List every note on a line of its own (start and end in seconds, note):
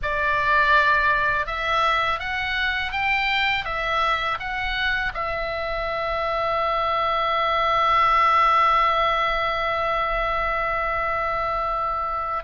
0.02 1.46 D5
1.46 2.19 E5
2.19 2.92 F#5
2.92 3.65 G5
3.65 4.38 E5
4.39 5.12 F#5
5.14 12.44 E5